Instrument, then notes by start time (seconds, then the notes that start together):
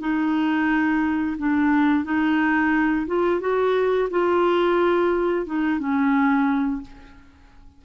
clarinet
0.00 D#4
1.38 D4
2.04 D#4
3.07 F4
3.40 F#4
4.10 F4
5.45 D#4
5.79 C#4